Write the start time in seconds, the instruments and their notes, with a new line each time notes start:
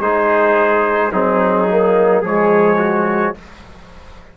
0.00 bassoon G#3, trombone D#4, trumpet G#4 C5
1.12 bassoon F#3, trombone C4, trumpet D#4 G#4
1.71 trombone A#3
2.21 bassoon F3, trombone G#3, trumpet G#4 C#5
2.79 trumpet F#4